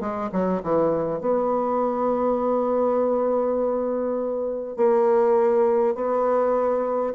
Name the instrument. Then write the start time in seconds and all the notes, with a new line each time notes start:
bassoon
0.00 G#3
0.32 F#3
0.63 E3
1.20 B3
4.76 A#3
5.94 B3